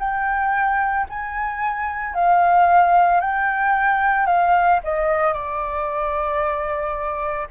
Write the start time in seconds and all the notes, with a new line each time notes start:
0.00 G5
1.10 G#5
2.15 F5
3.21 G5
4.27 F5
4.84 D#5
5.34 D5